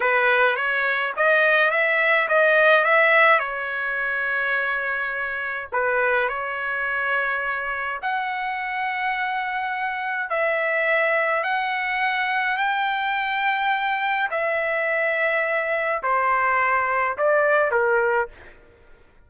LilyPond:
\new Staff \with { instrumentName = "trumpet" } { \time 4/4 \tempo 4 = 105 b'4 cis''4 dis''4 e''4 | dis''4 e''4 cis''2~ | cis''2 b'4 cis''4~ | cis''2 fis''2~ |
fis''2 e''2 | fis''2 g''2~ | g''4 e''2. | c''2 d''4 ais'4 | }